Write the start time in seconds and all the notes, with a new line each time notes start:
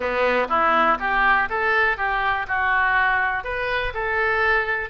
0.00 B3
0.48 E4
0.99 G4
1.49 A4
1.97 G4
2.47 F#4
3.44 B4
3.93 A4